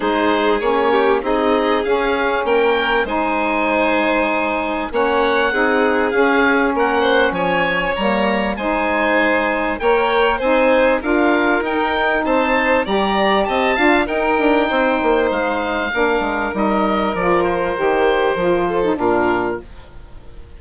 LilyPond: <<
  \new Staff \with { instrumentName = "oboe" } { \time 4/4 \tempo 4 = 98 c''4 cis''4 dis''4 f''4 | g''4 gis''2. | fis''2 f''4 fis''4 | gis''4 ais''4 gis''2 |
g''4 gis''4 f''4 g''4 | a''4 ais''4 a''4 g''4~ | g''4 f''2 dis''4 | d''8 c''2~ c''8 ais'4 | }
  \new Staff \with { instrumentName = "violin" } { \time 4/4 gis'4. g'8 gis'2 | ais'4 c''2. | cis''4 gis'2 ais'8 c''8 | cis''2 c''2 |
cis''4 c''4 ais'2 | c''4 d''4 dis''8 f''8 ais'4 | c''2 ais'2~ | ais'2~ ais'8 a'8 f'4 | }
  \new Staff \with { instrumentName = "saxophone" } { \time 4/4 dis'4 cis'4 dis'4 cis'4~ | cis'4 dis'2. | cis'4 dis'4 cis'2~ | cis'4 ais4 dis'2 |
ais'4 dis'4 f'4 dis'4~ | dis'4 g'4. f'8 dis'4~ | dis'2 d'4 dis'4 | f'4 g'4 f'8. dis'16 d'4 | }
  \new Staff \with { instrumentName = "bassoon" } { \time 4/4 gis4 ais4 c'4 cis'4 | ais4 gis2. | ais4 c'4 cis'4 ais4 | f4 g4 gis2 |
ais4 c'4 d'4 dis'4 | c'4 g4 c'8 d'8 dis'8 d'8 | c'8 ais8 gis4 ais8 gis8 g4 | f4 dis4 f4 ais,4 | }
>>